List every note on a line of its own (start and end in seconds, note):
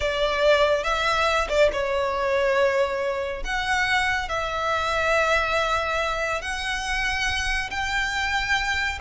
0.00 0.83 D5
0.83 1.47 E5
1.48 1.70 D5
1.72 3.43 C#5
3.43 4.28 F#5
4.28 6.41 E5
6.41 7.70 F#5
7.70 8.99 G5